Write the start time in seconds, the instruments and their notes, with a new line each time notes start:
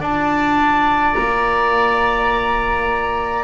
0.00 double bass D4, saxophone F4, oboe D5, flute A5
1.14 double bass A#3, flute A#5